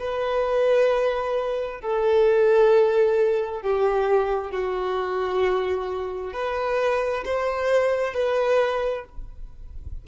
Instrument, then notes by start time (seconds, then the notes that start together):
violin
0.00 B4
1.81 A4
3.62 G4
4.52 F#4
6.33 B4
7.26 C5
8.14 B4